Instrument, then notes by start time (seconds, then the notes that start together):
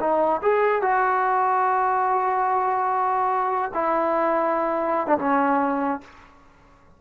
trombone
0.00 D#4
0.42 G#4
0.82 F#4
3.74 E4
5.07 D4
5.18 C#4